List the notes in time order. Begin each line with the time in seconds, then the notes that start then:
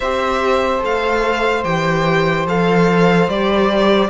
0.00 C4 G4 C5 E5
0.78 A3 A4 F5
1.64 E3 G4 G5
2.46 F3 A4 F5
3.27 G3 G4 D5